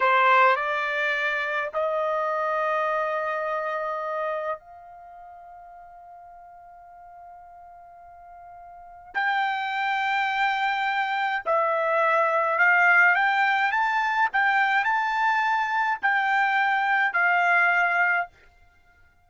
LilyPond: \new Staff \with { instrumentName = "trumpet" } { \time 4/4 \tempo 4 = 105 c''4 d''2 dis''4~ | dis''1 | f''1~ | f''1 |
g''1 | e''2 f''4 g''4 | a''4 g''4 a''2 | g''2 f''2 | }